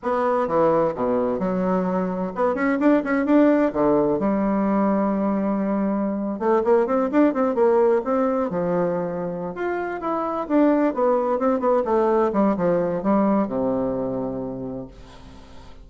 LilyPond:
\new Staff \with { instrumentName = "bassoon" } { \time 4/4 \tempo 4 = 129 b4 e4 b,4 fis4~ | fis4 b8 cis'8 d'8 cis'8 d'4 | d4 g2.~ | g4.~ g16 a8 ais8 c'8 d'8 c'16~ |
c'16 ais4 c'4 f4.~ f16~ | f8 f'4 e'4 d'4 b8~ | b8 c'8 b8 a4 g8 f4 | g4 c2. | }